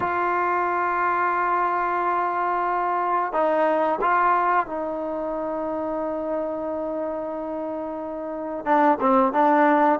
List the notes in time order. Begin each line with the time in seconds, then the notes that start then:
0.00 F4
3.32 D#4
4.01 F4
4.66 D#4
8.65 D4
9.00 C4
9.32 D4